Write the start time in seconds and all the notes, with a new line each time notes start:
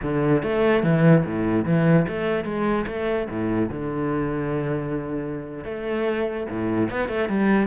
0.02 D3
0.42 A3
0.83 E3
1.25 A2
1.65 E3
2.08 A3
2.44 G#3
2.86 A3
3.30 A2
3.69 D3
5.64 A3
6.50 A2
6.90 B3
7.08 A3
7.29 G3